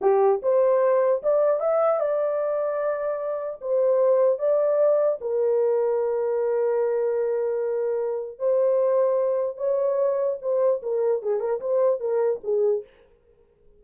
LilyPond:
\new Staff \with { instrumentName = "horn" } { \time 4/4 \tempo 4 = 150 g'4 c''2 d''4 | e''4 d''2.~ | d''4 c''2 d''4~ | d''4 ais'2.~ |
ais'1~ | ais'4 c''2. | cis''2 c''4 ais'4 | gis'8 ais'8 c''4 ais'4 gis'4 | }